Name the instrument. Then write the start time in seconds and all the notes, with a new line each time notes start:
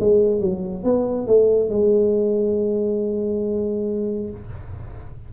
tuba
0.00 G#3
0.41 F#3
0.84 B3
1.28 A3
1.70 G#3